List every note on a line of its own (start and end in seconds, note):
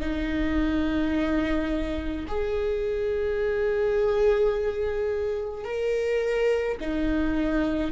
0.00 2.26 D#4
2.28 5.64 G#4
5.64 6.78 A#4
6.80 7.91 D#4